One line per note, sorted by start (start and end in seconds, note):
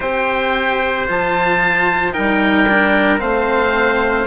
0.00 1.07 C4
0.00 1.07 G4
0.00 2.14 C5
0.00 1.06 G5
1.07 2.16 F3
1.07 2.12 F4
1.07 2.13 A5
2.12 3.21 G3
2.12 2.65 D#4
2.12 3.21 A#4
2.12 3.19 G5
2.69 3.18 D4
3.18 4.27 A3
3.18 4.25 C4
3.18 4.27 C5
3.18 4.26 F5